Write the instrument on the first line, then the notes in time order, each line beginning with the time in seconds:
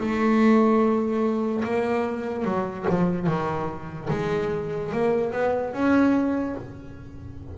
double bass
0.00 A3
1.64 A#3
2.45 F#3
2.90 F3
3.27 D#3
4.10 G#3
4.92 A#3
5.33 B3
5.73 C#4